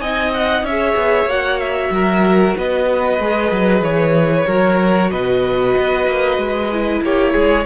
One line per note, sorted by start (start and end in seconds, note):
0.00 0.63 C4
0.00 0.66 D#4
0.00 0.65 D#5
0.00 0.32 G#5
0.34 0.65 F#5
0.63 0.95 C#4
0.63 1.29 G#4
0.63 1.92 C#5
0.63 1.29 E5
0.96 1.25 B3
1.25 1.89 A#3
1.25 3.20 F#4
1.25 1.60 F#5
1.60 2.55 E5
1.90 2.54 F#3
1.90 2.57 A#4
2.57 3.20 B3
2.57 4.46 B4
2.57 3.84 D#5
3.20 3.51 G#3
3.20 4.47 G#4
3.51 3.81 F#3
3.81 4.45 E3
3.81 5.11 C#5
4.46 5.12 F#3
4.46 6.70 F#4
4.46 5.10 A#4
5.11 5.76 B2
5.11 7.02 B4
5.11 7.02 D#5
5.77 6.07 B3
6.07 6.37 A#3
6.37 7.01 G#3
6.72 7.66 E4
7.02 7.34 A#3
7.02 7.32 G4
7.02 7.66 C#5
7.32 7.66 G#3
7.32 7.64 G#4